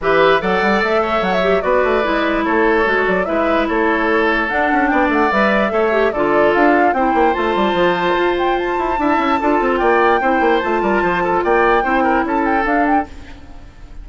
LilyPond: <<
  \new Staff \with { instrumentName = "flute" } { \time 4/4 \tempo 4 = 147 e''4 fis''4 e''4 fis''16 e''8. | d''2 cis''4. d''8 | e''4 cis''2 fis''4 | g''8 fis''8 e''2 d''4 |
f''4 g''4 a''2~ | a''8 g''8 a''2. | g''2 a''2 | g''2 a''8 g''8 f''8 g''8 | }
  \new Staff \with { instrumentName = "oboe" } { \time 4/4 b'4 d''4. cis''4. | b'2 a'2 | b'4 a'2. | d''2 cis''4 a'4~ |
a'4 c''2.~ | c''2 e''4 a'4 | d''4 c''4. ais'8 c''8 a'8 | d''4 c''8 ais'8 a'2 | }
  \new Staff \with { instrumentName = "clarinet" } { \time 4/4 g'4 a'2~ a'8 g'8 | fis'4 e'2 fis'4 | e'2. d'4~ | d'4 b'4 a'8 g'8 f'4~ |
f'4 e'4 f'2~ | f'2 e'4 f'4~ | f'4 e'4 f'2~ | f'4 e'2 d'4 | }
  \new Staff \with { instrumentName = "bassoon" } { \time 4/4 e4 fis8 g8 a4 fis4 | b8 a8 gis4 a4 gis8 fis8 | gis4 a2 d'8 cis'8 | b8 a8 g4 a4 d4 |
d'4 c'8 ais8 a8 g8 f4 | f'4. e'8 d'8 cis'8 d'8 c'8 | ais4 c'8 ais8 a8 g8 f4 | ais4 c'4 cis'4 d'4 | }
>>